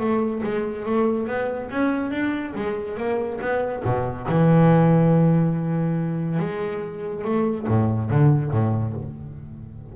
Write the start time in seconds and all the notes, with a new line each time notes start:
0.00 A3
0.44 G#3
0.86 A3
1.28 B3
1.71 C#4
2.11 D4
2.55 G#3
2.98 A#3
3.41 B3
3.85 B2
4.29 E3
6.40 G#3
7.25 A3
7.68 A2
8.11 D3
8.51 A2